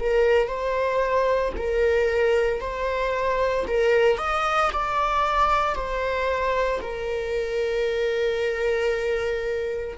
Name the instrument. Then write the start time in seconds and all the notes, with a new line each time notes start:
viola
0.00 A#4
0.47 C5
1.56 A#4
2.60 C5
3.67 A#4
4.18 D#5
4.73 D5
5.75 C5
6.81 A#4